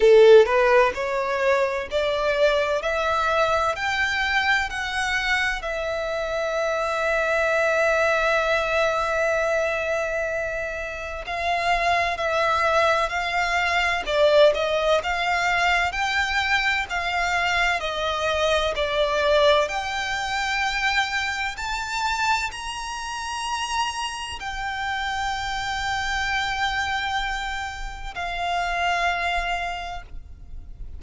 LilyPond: \new Staff \with { instrumentName = "violin" } { \time 4/4 \tempo 4 = 64 a'8 b'8 cis''4 d''4 e''4 | g''4 fis''4 e''2~ | e''1 | f''4 e''4 f''4 d''8 dis''8 |
f''4 g''4 f''4 dis''4 | d''4 g''2 a''4 | ais''2 g''2~ | g''2 f''2 | }